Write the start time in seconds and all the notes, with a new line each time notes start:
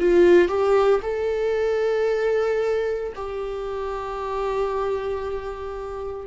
0.00 F4
0.49 G4
1.03 A4
3.16 G4